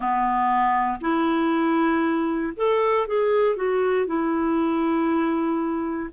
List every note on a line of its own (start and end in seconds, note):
0.00 0.99 B3
1.00 2.53 E4
2.56 3.07 A4
3.07 3.56 G#4
3.56 4.06 F#4
4.06 6.10 E4